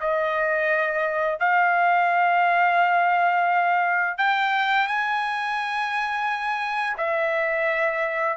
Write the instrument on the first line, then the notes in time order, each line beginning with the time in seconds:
trumpet
0.00 D#5
1.39 F5
4.18 G5
4.87 G#5
6.97 E5